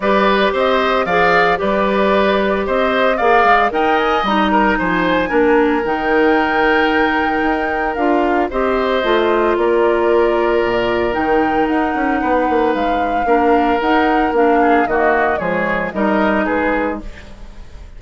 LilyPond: <<
  \new Staff \with { instrumentName = "flute" } { \time 4/4 \tempo 4 = 113 d''4 dis''4 f''4 d''4~ | d''4 dis''4 f''4 g''8 gis''8 | ais''4 gis''2 g''4~ | g''2. f''4 |
dis''2 d''2~ | d''4 g''4 fis''2 | f''2 fis''4 f''4 | dis''4 cis''4 dis''4 b'4 | }
  \new Staff \with { instrumentName = "oboe" } { \time 4/4 b'4 c''4 d''4 b'4~ | b'4 c''4 d''4 dis''4~ | dis''8 ais'8 c''4 ais'2~ | ais'1 |
c''2 ais'2~ | ais'2. b'4~ | b'4 ais'2~ ais'8 gis'8 | fis'4 gis'4 ais'4 gis'4 | }
  \new Staff \with { instrumentName = "clarinet" } { \time 4/4 g'2 gis'4 g'4~ | g'2 gis'4 ais'4 | dis'2 d'4 dis'4~ | dis'2. f'4 |
g'4 f'2.~ | f'4 dis'2.~ | dis'4 d'4 dis'4 d'4 | ais4 gis4 dis'2 | }
  \new Staff \with { instrumentName = "bassoon" } { \time 4/4 g4 c'4 f4 g4~ | g4 c'4 ais8 gis8 dis'4 | g4 f4 ais4 dis4~ | dis2 dis'4 d'4 |
c'4 a4 ais2 | ais,4 dis4 dis'8 cis'8 b8 ais8 | gis4 ais4 dis'4 ais4 | dis4 f4 g4 gis4 | }
>>